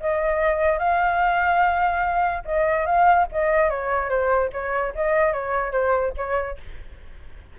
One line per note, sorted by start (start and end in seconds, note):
0.00 0.78 D#5
0.78 2.43 F5
2.45 2.86 D#5
2.86 3.27 F5
3.32 3.70 D#5
3.70 4.09 C#5
4.09 4.50 C5
4.52 4.94 C#5
4.95 5.33 D#5
5.33 5.72 C#5
5.72 6.13 C5
6.17 6.58 C#5